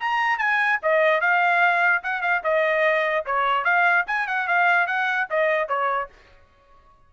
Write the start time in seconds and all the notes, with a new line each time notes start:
0.00 A#5
0.38 G#5
0.82 D#5
1.21 F5
2.03 F#5
2.21 F5
2.43 D#5
3.26 C#5
3.64 F5
4.06 G#5
4.27 F#5
4.48 F5
4.87 F#5
5.30 D#5
5.68 C#5